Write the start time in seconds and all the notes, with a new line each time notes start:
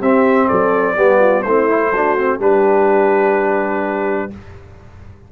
0.00 C4 G4 E5
0.47 F#3 A4 D5
0.97 G3 B3 G4
1.20 F4
1.43 A3 C4 E4 C5
1.70 E4
1.93 D4 F#4
2.18 C4
2.39 G3 D4 G4 B4